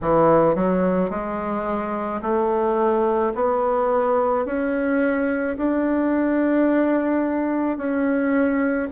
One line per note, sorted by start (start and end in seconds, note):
0.02 0.55 E3
0.55 1.10 F#3
1.10 2.21 G#3
2.22 3.33 A3
3.34 4.45 B3
4.45 5.57 C#4
5.57 7.77 D4
7.77 8.88 C#4